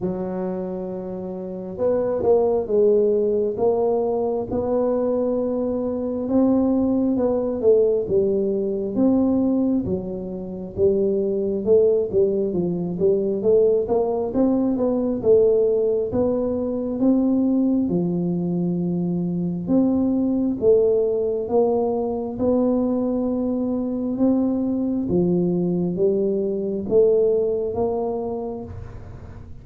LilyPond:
\new Staff \with { instrumentName = "tuba" } { \time 4/4 \tempo 4 = 67 fis2 b8 ais8 gis4 | ais4 b2 c'4 | b8 a8 g4 c'4 fis4 | g4 a8 g8 f8 g8 a8 ais8 |
c'8 b8 a4 b4 c'4 | f2 c'4 a4 | ais4 b2 c'4 | f4 g4 a4 ais4 | }